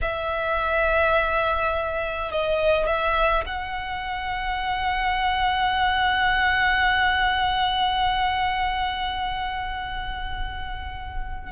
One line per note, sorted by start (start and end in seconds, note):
0.01 2.31 E5
2.31 2.86 D#5
2.86 3.44 E5
3.45 11.51 F#5